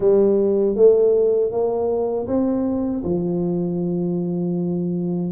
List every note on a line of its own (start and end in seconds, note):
0.00 0.75 G3
0.75 1.51 A3
1.51 2.26 A#3
2.27 3.03 C4
3.04 5.31 F3